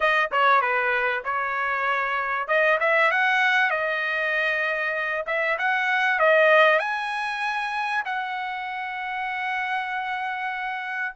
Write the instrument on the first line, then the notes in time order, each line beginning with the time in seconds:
trumpet
0.00 D#5
0.31 C#5
0.61 B4
1.24 C#5
2.47 D#5
2.80 E5
3.11 F#5
3.70 D#5
5.26 E5
5.58 F#5
6.19 D#5
6.79 G#5
8.05 F#5